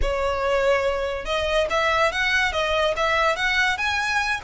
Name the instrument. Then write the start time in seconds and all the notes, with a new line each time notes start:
violin
0.01 C#5
1.25 D#5
1.70 E5
2.12 F#5
2.52 D#5
2.96 E5
3.35 F#5
3.77 G#5